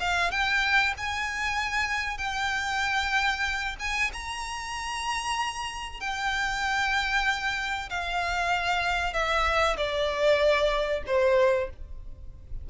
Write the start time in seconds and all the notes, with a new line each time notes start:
0.00 F5
0.31 G5
0.97 G#5
2.18 G5
3.80 G#5
4.13 A#5
6.00 G5
7.90 F5
9.13 E5
9.77 D5
11.07 C5